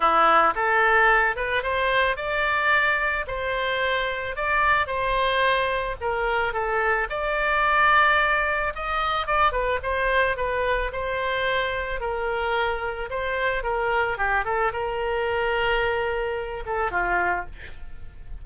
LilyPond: \new Staff \with { instrumentName = "oboe" } { \time 4/4 \tempo 4 = 110 e'4 a'4. b'8 c''4 | d''2 c''2 | d''4 c''2 ais'4 | a'4 d''2. |
dis''4 d''8 b'8 c''4 b'4 | c''2 ais'2 | c''4 ais'4 g'8 a'8 ais'4~ | ais'2~ ais'8 a'8 f'4 | }